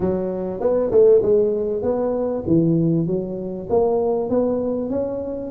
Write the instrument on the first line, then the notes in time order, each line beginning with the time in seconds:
tuba
0.00 F#3
0.60 B3
0.91 A3
1.22 G#3
1.82 B3
2.47 E3
3.06 F#3
3.69 A#3
4.29 B3
4.90 C#4